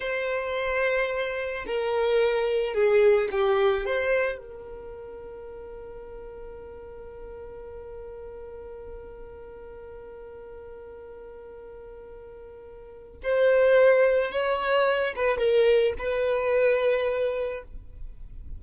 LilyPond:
\new Staff \with { instrumentName = "violin" } { \time 4/4 \tempo 4 = 109 c''2. ais'4~ | ais'4 gis'4 g'4 c''4 | ais'1~ | ais'1~ |
ais'1~ | ais'1 | c''2 cis''4. b'8 | ais'4 b'2. | }